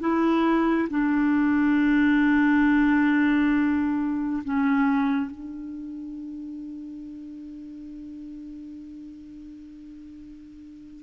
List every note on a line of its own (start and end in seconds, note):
0.00 0.88 E4
0.90 4.43 D4
4.44 5.31 C#4
5.31 11.03 D4